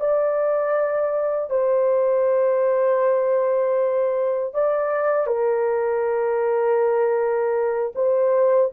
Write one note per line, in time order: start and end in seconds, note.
0.00 1.50 D5
1.50 4.54 C5
4.54 5.27 D5
5.27 7.93 A#4
7.95 8.71 C5